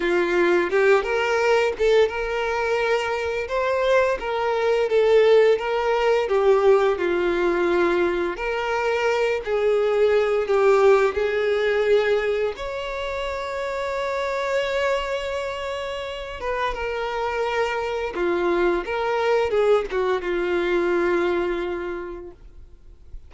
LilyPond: \new Staff \with { instrumentName = "violin" } { \time 4/4 \tempo 4 = 86 f'4 g'8 ais'4 a'8 ais'4~ | ais'4 c''4 ais'4 a'4 | ais'4 g'4 f'2 | ais'4. gis'4. g'4 |
gis'2 cis''2~ | cis''2.~ cis''8 b'8 | ais'2 f'4 ais'4 | gis'8 fis'8 f'2. | }